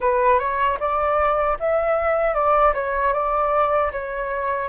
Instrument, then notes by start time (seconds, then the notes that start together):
flute
0.00 B4
0.39 C#5
0.79 D5
1.59 E5
2.34 D5
2.74 C#5
3.13 D5
3.92 C#5